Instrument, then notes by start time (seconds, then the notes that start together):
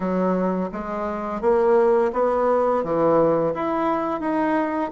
bassoon
0.00 F#3
0.72 G#3
1.41 A#3
2.12 B3
2.83 E3
3.54 E4
4.20 D#4